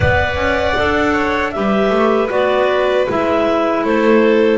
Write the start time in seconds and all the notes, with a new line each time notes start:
0.00 B3 B4 D5 F#5
0.35 C#4
0.76 D4 A4
1.12 C#5
1.51 G3 G4 B4 E5
1.90 A3
2.29 B3 F#4 D5
3.08 G#3 E4 E5
3.83 A3 A4 C5